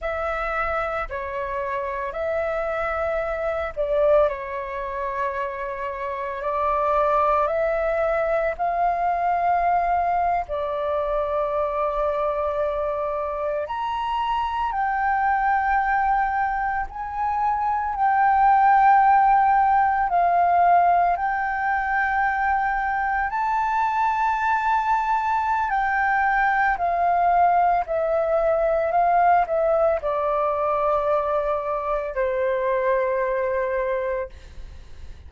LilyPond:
\new Staff \with { instrumentName = "flute" } { \time 4/4 \tempo 4 = 56 e''4 cis''4 e''4. d''8 | cis''2 d''4 e''4 | f''4.~ f''16 d''2~ d''16~ | d''8. ais''4 g''2 gis''16~ |
gis''8. g''2 f''4 g''16~ | g''4.~ g''16 a''2~ a''16 | g''4 f''4 e''4 f''8 e''8 | d''2 c''2 | }